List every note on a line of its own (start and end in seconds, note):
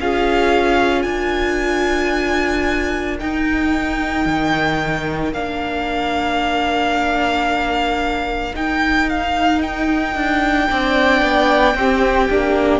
0.00 1.05 C#4
0.00 3.19 F4
0.00 1.07 G#4
0.00 1.02 F5
1.02 3.19 D4
1.02 10.70 A#4
1.02 3.17 G#5
3.19 5.33 D#4
3.19 4.26 D#4
3.19 5.34 G5
4.26 5.33 D#3
5.33 8.54 A#3
5.33 8.54 D4
5.33 8.55 F5
8.54 10.68 D#4
8.54 10.15 D#4
8.54 9.09 G5
9.09 9.62 F5
9.62 12.80 G5
10.15 10.69 D4
10.69 11.21 C4
10.69 11.75 D4
10.69 11.77 D5
11.21 11.75 B3
11.75 12.28 C4
11.75 12.29 C4
11.75 12.80 G4
12.30 12.80 A#3
12.30 12.80 D4